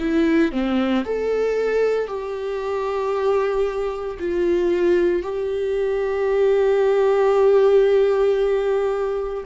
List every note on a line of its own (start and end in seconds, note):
0.00 0.52 E4
0.52 1.05 C4
1.05 2.08 A4
2.08 4.18 G4
4.20 5.23 F4
5.23 9.44 G4